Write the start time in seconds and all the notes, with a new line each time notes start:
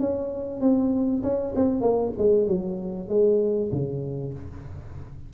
0.00 C#4
0.61 C4
1.23 C#4
1.55 C4
1.81 A#3
2.18 G#3
2.48 F#3
3.09 G#3
3.72 C#3